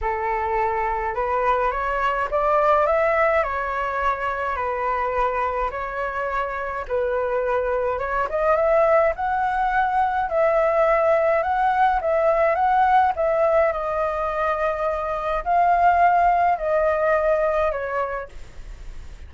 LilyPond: \new Staff \with { instrumentName = "flute" } { \time 4/4 \tempo 4 = 105 a'2 b'4 cis''4 | d''4 e''4 cis''2 | b'2 cis''2 | b'2 cis''8 dis''8 e''4 |
fis''2 e''2 | fis''4 e''4 fis''4 e''4 | dis''2. f''4~ | f''4 dis''2 cis''4 | }